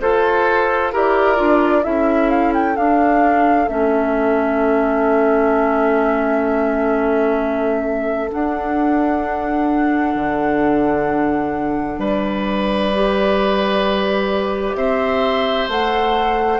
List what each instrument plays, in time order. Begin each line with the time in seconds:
0.00 bassoon F4, clarinet A4, oboe A4, flute C5
0.92 bassoon E4, clarinet G4, oboe A#4, flute D5
1.36 bassoon D4, clarinet F4
1.82 bassoon C#4, clarinet E4, oboe A4, flute E5
2.29 flute F5
2.53 flute G5
2.75 clarinet D4, bassoon D4, flute F5
3.67 bassoon A3, clarinet C#4, flute E5
8.29 clarinet D4, bassoon D4, flute F#5
10.14 bassoon D3
11.97 bassoon G3, oboe B4, flute D5
12.94 clarinet G4
14.75 bassoon C4, oboe C5, flute E5
15.68 bassoon A3, clarinet A4, flute F#5